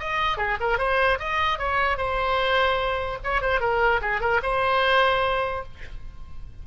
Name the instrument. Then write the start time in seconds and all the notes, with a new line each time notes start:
oboe
0.00 D#5
0.38 G#4
0.61 A#4
0.79 C5
1.20 D#5
1.59 C#5
1.98 C5
3.25 C#5
3.42 C5
3.61 A#4
4.02 G#4
4.21 A#4
4.43 C5